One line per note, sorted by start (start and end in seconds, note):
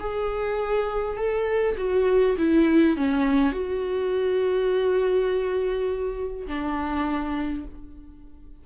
0.00 1.17 G#4
1.17 1.76 A4
1.78 2.36 F#4
2.38 2.97 E4
2.97 3.52 C#4
3.52 6.47 F#4
6.47 7.65 D4